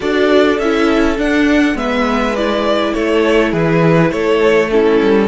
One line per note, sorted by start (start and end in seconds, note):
0.00 0.59 D4
0.00 0.58 F#4
0.00 1.76 A4
0.00 0.58 D5
0.58 1.17 C#4
0.58 1.17 E4
0.58 1.17 E5
1.17 1.75 D4
1.17 1.74 D4
1.17 1.77 F#5
1.74 2.92 G#3
1.74 2.34 B3
1.74 2.93 B4
1.74 2.35 E5
2.35 4.70 E4
2.35 2.93 D5
2.93 3.53 A3
2.93 3.52 A4
2.93 3.52 C#5
3.52 4.11 E3
3.52 4.10 G#4
3.52 4.11 B4
4.11 5.00 A3
4.11 4.70 A4
4.11 4.70 C#5
4.70 5.27 C#4
4.70 5.27 E4
4.70 5.27 A4
5.01 5.27 G3